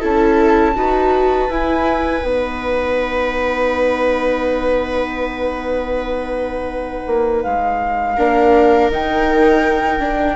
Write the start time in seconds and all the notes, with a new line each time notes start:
0.00 C#4 E4 A4 A5
0.75 D#4 F#4 B4
1.49 E4 G#5
2.22 B3 D#4 F#5
7.06 A#3
7.42 G#3 F5
8.16 A#3 D4 A#4
8.91 D#3 D#4 G5
9.99 D4